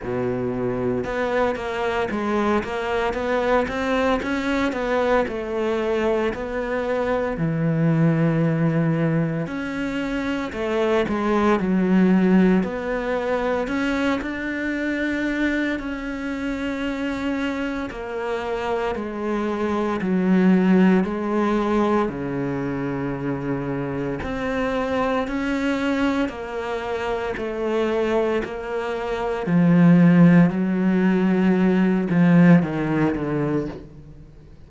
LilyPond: \new Staff \with { instrumentName = "cello" } { \time 4/4 \tempo 4 = 57 b,4 b8 ais8 gis8 ais8 b8 c'8 | cis'8 b8 a4 b4 e4~ | e4 cis'4 a8 gis8 fis4 | b4 cis'8 d'4. cis'4~ |
cis'4 ais4 gis4 fis4 | gis4 cis2 c'4 | cis'4 ais4 a4 ais4 | f4 fis4. f8 dis8 d8 | }